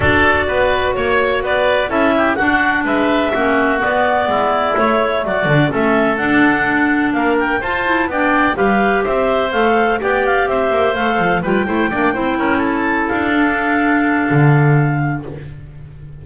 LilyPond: <<
  \new Staff \with { instrumentName = "clarinet" } { \time 4/4 \tempo 4 = 126 d''2 cis''4 d''4 | e''4 fis''4 e''2 | d''2 cis''4 d''4 | e''4 fis''2 f''8 g''8 |
a''4 g''4 f''4 e''4 | f''4 g''8 f''8 e''4 f''4 | g''2~ g''8 a''4 f''8~ | f''1 | }
  \new Staff \with { instrumentName = "oboe" } { \time 4/4 a'4 b'4 cis''4 b'4 | a'8 g'8 fis'4 b'4 fis'4~ | fis'4 e'2 fis'4 | a'2. ais'4 |
c''4 d''4 b'4 c''4~ | c''4 d''4 c''2 | b'8 c''8 d''8 c''8 ais'8 a'4.~ | a'1 | }
  \new Staff \with { instrumentName = "clarinet" } { \time 4/4 fis'1 | e'4 d'2 cis'4 | b2 a4. d'8 | cis'4 d'2. |
f'8 e'8 d'4 g'2 | a'4 g'2 a'4 | f'8 e'8 d'8 e'2~ e'8 | d'1 | }
  \new Staff \with { instrumentName = "double bass" } { \time 4/4 d'4 b4 ais4 b4 | cis'4 d'4 gis4 ais4 | b4 gis4 a4 fis8 d8 | a4 d'2 ais4 |
f'4 b4 g4 c'4 | a4 b4 c'8 ais8 a8 f8 | g8 a8 ais8 c'8 cis'4. d'8~ | d'2 d2 | }
>>